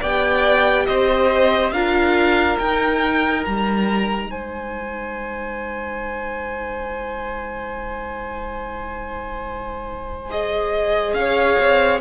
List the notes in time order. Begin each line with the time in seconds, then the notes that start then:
0.00 B3 G4 D5 G5
0.86 C4 C5 D#5
1.71 D4 F4 A#4 F5
2.58 D#4 G5
3.45 G3 A#5
4.27 G#3 C5 G#5
10.30 G#4 D#5
11.13 C#4 C#5 F5
11.59 C4